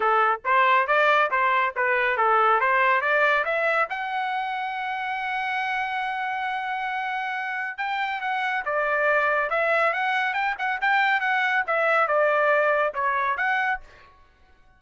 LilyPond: \new Staff \with { instrumentName = "trumpet" } { \time 4/4 \tempo 4 = 139 a'4 c''4 d''4 c''4 | b'4 a'4 c''4 d''4 | e''4 fis''2.~ | fis''1~ |
fis''2 g''4 fis''4 | d''2 e''4 fis''4 | g''8 fis''8 g''4 fis''4 e''4 | d''2 cis''4 fis''4 | }